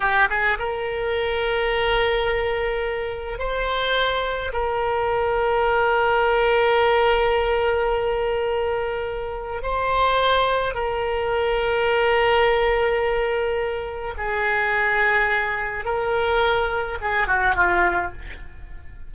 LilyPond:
\new Staff \with { instrumentName = "oboe" } { \time 4/4 \tempo 4 = 106 g'8 gis'8 ais'2.~ | ais'2 c''2 | ais'1~ | ais'1~ |
ais'4 c''2 ais'4~ | ais'1~ | ais'4 gis'2. | ais'2 gis'8 fis'8 f'4 | }